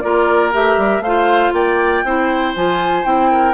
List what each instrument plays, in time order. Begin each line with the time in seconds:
0.00 bassoon A#3, clarinet F4, oboe A#4, flute D5
0.52 bassoon A3, clarinet G4, flute E5
0.77 bassoon G3
0.99 bassoon A3, oboe C5, flute F5
1.06 clarinet F4
1.52 bassoon A#3, oboe D5, flute G5
2.03 bassoon C4, clarinet E4, oboe C5
2.55 bassoon F3, clarinet F4, flute G#5
3.03 bassoon C4, clarinet E4, flute G5
3.31 oboe A#4